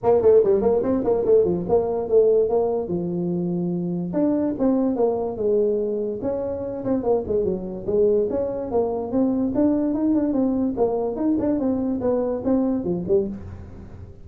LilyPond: \new Staff \with { instrumentName = "tuba" } { \time 4/4 \tempo 4 = 145 ais8 a8 g8 ais8 c'8 ais8 a8 f8 | ais4 a4 ais4 f4~ | f2 d'4 c'4 | ais4 gis2 cis'4~ |
cis'8 c'8 ais8 gis8 fis4 gis4 | cis'4 ais4 c'4 d'4 | dis'8 d'8 c'4 ais4 dis'8 d'8 | c'4 b4 c'4 f8 g8 | }